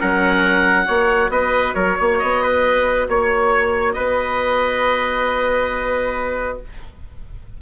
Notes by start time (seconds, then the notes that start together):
0.00 F#3 C#4 A#4 F#5
0.87 A#3 F#4 C#5
1.29 B3 B4 D#5
1.74 F#3 A#4 C#5
1.99 A#3 C#5
2.19 B3 D#5
2.43 B4
3.08 A#3 C#5
3.93 B3 B4 D#5